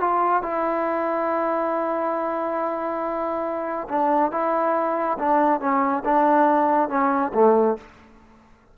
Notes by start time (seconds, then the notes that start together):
0.00 F4
0.42 E4
3.88 D4
4.31 E4
5.18 D4
5.60 C#4
6.05 D4
6.89 C#4
7.34 A3